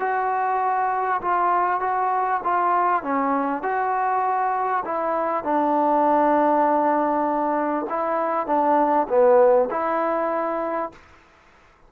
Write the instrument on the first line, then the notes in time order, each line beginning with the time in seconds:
trombone
0.00 F#4
1.21 F4
1.80 F#4
2.44 F4
3.03 C#4
3.63 F#4
4.85 E4
5.44 D4
7.90 E4
8.47 D4
9.09 B3
9.71 E4